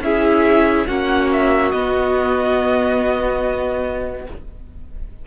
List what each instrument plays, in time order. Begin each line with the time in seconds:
0.00 cello C#4, viola E4, violin G#4 E5
0.86 cello A#3, viola C#4, violin F#4 F#5
1.32 violin E5
1.71 viola B3, cello B3, violin D#5